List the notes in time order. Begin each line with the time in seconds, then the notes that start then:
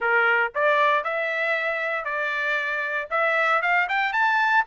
0.00 A#4
0.54 D5
1.03 E5
2.04 D5
3.10 E5
3.62 F5
3.88 G5
4.12 A5